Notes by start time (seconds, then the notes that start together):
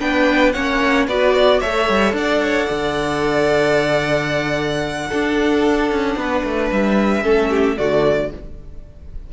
0.00 B3 D4 B4 G5
0.53 A#3 C#4 C#5 F#5
1.08 B3 F#4 B4 D5
1.35 D5
1.61 A3 A4 C#5 E5
1.90 G3
2.13 D4 D5 F#5
2.43 C#5
2.67 D3 D5
5.09 D4 A4
5.92 C#4
6.16 B3 B4
6.44 A3
6.72 G3 E5
7.23 A3 C#4 A4
7.50 G4
7.78 D3 A3 F#4 D5